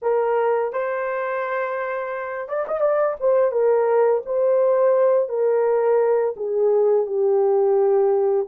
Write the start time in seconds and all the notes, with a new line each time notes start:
0.02 A#4
0.73 C5
2.48 D5
2.67 D#5
2.80 D5
3.20 C5
3.51 A#4
4.25 C5
5.28 A#4
6.36 G#4
7.06 G4